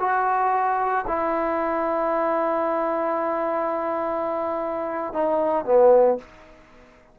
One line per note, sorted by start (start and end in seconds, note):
0.00 1.05 F#4
1.08 5.13 E4
5.13 5.65 D#4
5.65 6.18 B3